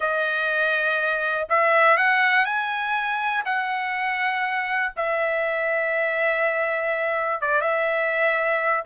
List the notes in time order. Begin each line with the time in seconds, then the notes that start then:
0.00 D#5
1.49 E5
1.97 F#5
2.45 G#5
3.45 F#5
4.96 E5
7.41 D5
7.61 E5